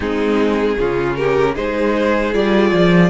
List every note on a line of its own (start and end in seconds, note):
0.00 0.77 G#3
0.00 0.78 C4
0.00 0.77 D#4
0.00 1.15 G#4
0.79 1.56 C#3
0.79 1.55 C#4
0.79 1.17 F4
1.15 1.54 G4
1.15 1.54 A#4
1.54 2.34 G#3
1.54 2.32 D#4
1.54 3.10 G#4
1.54 2.34 C5
2.32 2.72 G3
2.32 3.10 F4
2.32 3.10 D5
2.72 3.10 F3